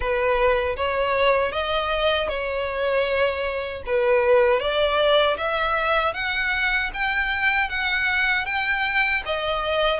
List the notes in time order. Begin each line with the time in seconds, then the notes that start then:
0.00 B4
0.76 C#5
1.52 D#5
2.28 C#5
3.86 B4
4.59 D5
5.37 E5
6.13 F#5
6.93 G5
7.69 F#5
8.45 G5
9.25 D#5